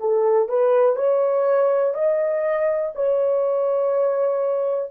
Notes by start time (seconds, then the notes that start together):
0.00 A4
0.49 B4
0.96 C#5
1.94 D#5
2.95 C#5